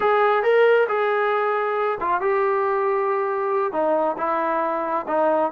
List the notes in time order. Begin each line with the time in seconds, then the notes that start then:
0.00 G#4
0.43 A#4
0.88 G#4
2.00 F4
2.21 G4
3.72 D#4
4.17 E4
5.07 D#4